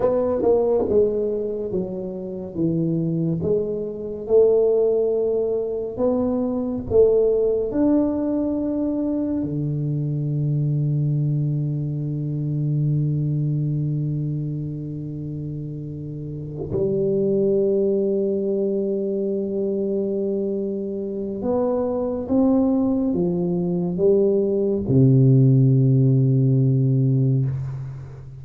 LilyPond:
\new Staff \with { instrumentName = "tuba" } { \time 4/4 \tempo 4 = 70 b8 ais8 gis4 fis4 e4 | gis4 a2 b4 | a4 d'2 d4~ | d1~ |
d2.~ d8 g8~ | g1~ | g4 b4 c'4 f4 | g4 c2. | }